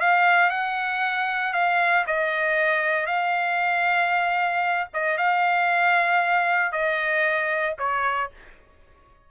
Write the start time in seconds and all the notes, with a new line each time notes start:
0.00 F5
0.50 F#5
1.53 F5
2.07 D#5
3.07 F5
4.93 D#5
5.18 F5
6.72 D#5
7.78 C#5